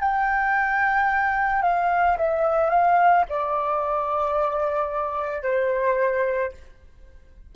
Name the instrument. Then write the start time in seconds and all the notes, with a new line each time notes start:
flute
0.00 G5
1.63 F5
2.18 E5
2.70 F5
3.29 D5
5.43 C5